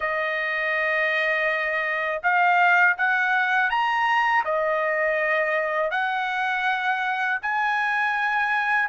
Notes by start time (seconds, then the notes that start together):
0.00 D#5
2.22 F5
2.97 F#5
3.69 A#5
4.44 D#5
5.91 F#5
7.42 G#5